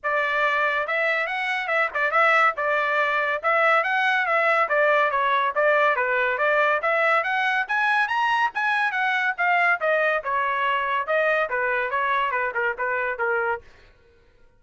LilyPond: \new Staff \with { instrumentName = "trumpet" } { \time 4/4 \tempo 4 = 141 d''2 e''4 fis''4 | e''8 d''8 e''4 d''2 | e''4 fis''4 e''4 d''4 | cis''4 d''4 b'4 d''4 |
e''4 fis''4 gis''4 ais''4 | gis''4 fis''4 f''4 dis''4 | cis''2 dis''4 b'4 | cis''4 b'8 ais'8 b'4 ais'4 | }